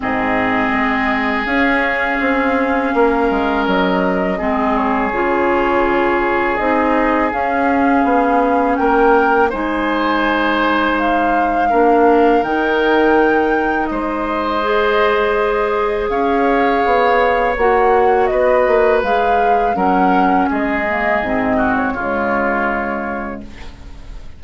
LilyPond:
<<
  \new Staff \with { instrumentName = "flute" } { \time 4/4 \tempo 4 = 82 dis''2 f''2~ | f''4 dis''4. cis''4.~ | cis''4 dis''4 f''2 | g''4 gis''2 f''4~ |
f''4 g''2 dis''4~ | dis''2 f''2 | fis''4 dis''4 f''4 fis''4 | dis''4.~ dis''16 cis''2~ cis''16 | }
  \new Staff \with { instrumentName = "oboe" } { \time 4/4 gis'1 | ais'2 gis'2~ | gis'1 | ais'4 c''2. |
ais'2. c''4~ | c''2 cis''2~ | cis''4 b'2 ais'4 | gis'4. fis'8 f'2 | }
  \new Staff \with { instrumentName = "clarinet" } { \time 4/4 c'2 cis'2~ | cis'2 c'4 f'4~ | f'4 dis'4 cis'2~ | cis'4 dis'2. |
d'4 dis'2. | gis'1 | fis'2 gis'4 cis'4~ | cis'8 ais8 c'4 gis2 | }
  \new Staff \with { instrumentName = "bassoon" } { \time 4/4 gis,4 gis4 cis'4 c'4 | ais8 gis8 fis4 gis4 cis4~ | cis4 c'4 cis'4 b4 | ais4 gis2. |
ais4 dis2 gis4~ | gis2 cis'4 b4 | ais4 b8 ais8 gis4 fis4 | gis4 gis,4 cis2 | }
>>